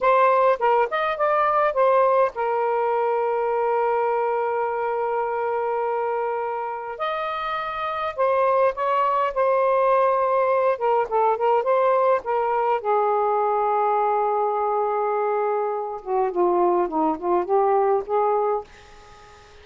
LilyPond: \new Staff \with { instrumentName = "saxophone" } { \time 4/4 \tempo 4 = 103 c''4 ais'8 dis''8 d''4 c''4 | ais'1~ | ais'1 | dis''2 c''4 cis''4 |
c''2~ c''8 ais'8 a'8 ais'8 | c''4 ais'4 gis'2~ | gis'2.~ gis'8 fis'8 | f'4 dis'8 f'8 g'4 gis'4 | }